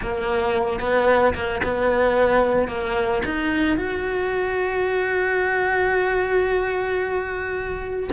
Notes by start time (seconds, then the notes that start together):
0.02 A#3
0.80 B3
1.34 A#3
1.63 B3
2.68 A#3
3.25 D#4
3.77 F#4